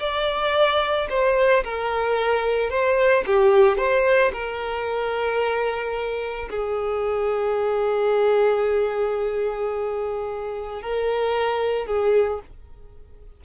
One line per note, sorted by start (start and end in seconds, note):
0.00 1.08 D5
1.10 1.64 C5
1.64 2.71 A#4
2.71 3.25 C5
3.27 3.78 G4
3.78 4.32 C5
4.33 6.49 A#4
6.50 10.82 G#4
10.82 11.87 A#4
11.87 12.41 G#4